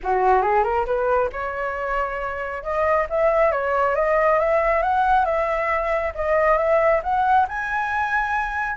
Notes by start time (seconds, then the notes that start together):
0.03 F#4
0.42 G#4
0.63 A#4
0.85 B4
1.32 C#5
2.63 D#5
3.09 E5
3.51 C#5
3.95 D#5
4.39 E5
4.82 F#5
5.25 E5
6.14 D#5
6.57 E5
7.03 F#5
7.48 G#5